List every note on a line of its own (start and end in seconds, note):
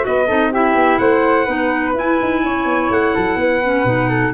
0.00 0.24 F#4
0.00 0.53 D#5
0.06 0.30 B3
0.06 0.26 B4
0.26 0.75 C4
0.26 0.52 D#4
0.26 0.50 A4
0.51 1.46 E4
0.51 0.99 G4
0.51 0.98 E5
0.75 0.98 B3
0.98 1.47 A3
0.98 1.45 C5
0.98 1.93 F#5
1.45 1.93 B3
1.45 1.94 D#4
1.45 2.40 B4
1.93 2.17 E4
1.93 3.62 E4
1.93 2.92 G#5
2.22 2.43 D#4
2.43 2.65 C#4
2.43 3.14 C#5
2.65 2.89 B3
2.90 3.13 A3
2.90 4.33 F#5
3.14 3.35 F#3
3.14 3.38 A4
3.35 3.83 B3
3.35 4.09 B4
3.62 3.85 C#4
3.84 4.32 B2
3.84 4.32 D#4
4.09 4.32 A4